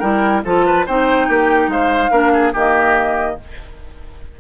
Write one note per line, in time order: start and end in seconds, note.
0.00 0.44 G3
0.00 0.44 E4
0.00 0.42 A#4
0.00 0.42 G5
0.45 0.87 F3
0.45 0.88 F4
0.45 0.66 A4
0.45 0.87 A5
0.66 0.86 B4
0.86 1.29 C4
0.86 2.12 D#4
0.86 1.28 C5
0.86 1.71 G5
1.29 1.68 A#3
1.29 1.70 G4
1.68 2.10 G#3
1.68 2.12 C5
1.68 2.54 F5
2.12 2.53 A#3
2.12 2.54 D4
2.12 2.32 A#4
2.34 2.53 G#4
2.53 3.38 D#3
2.53 3.40 A#3
2.53 3.36 G4
2.53 3.40 D#5